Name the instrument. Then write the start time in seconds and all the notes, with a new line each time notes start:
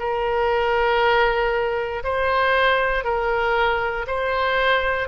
oboe
0.00 A#4
2.04 C5
3.05 A#4
4.08 C5